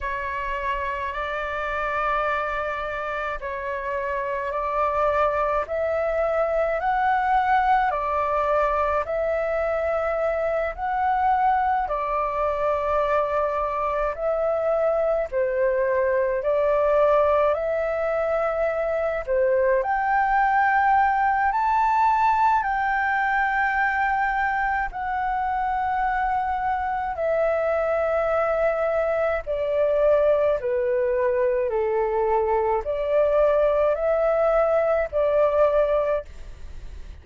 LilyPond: \new Staff \with { instrumentName = "flute" } { \time 4/4 \tempo 4 = 53 cis''4 d''2 cis''4 | d''4 e''4 fis''4 d''4 | e''4. fis''4 d''4.~ | d''8 e''4 c''4 d''4 e''8~ |
e''4 c''8 g''4. a''4 | g''2 fis''2 | e''2 d''4 b'4 | a'4 d''4 e''4 d''4 | }